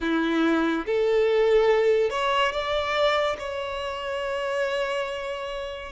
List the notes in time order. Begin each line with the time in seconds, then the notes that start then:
0.00 E4
0.86 A4
2.10 C#5
2.52 D5
3.38 C#5